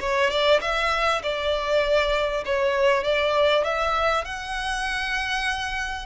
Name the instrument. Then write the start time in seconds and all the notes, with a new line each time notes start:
violin
0.00 C#5
0.30 D5
0.61 E5
1.23 D5
2.45 C#5
3.03 D5
3.64 E5
4.25 F#5